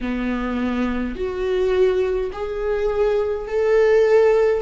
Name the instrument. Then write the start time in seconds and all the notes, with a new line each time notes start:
viola
0.01 B3
1.15 F#4
2.32 G#4
3.47 A4